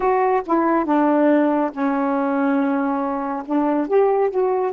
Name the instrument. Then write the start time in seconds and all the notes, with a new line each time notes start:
saxophone
0.00 F#4
0.46 E4
0.85 D4
1.71 C#4
3.45 D4
3.87 G4
4.30 F#4